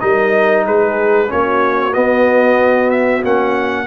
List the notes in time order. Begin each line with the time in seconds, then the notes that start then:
0.00 G3 D#4 A#4 D#5
0.65 G#3 G#4 B4
1.28 A#3 C#4 F#4 C#5
1.93 B3 D#5
2.90 E5
3.24 A#3 C#4 F#5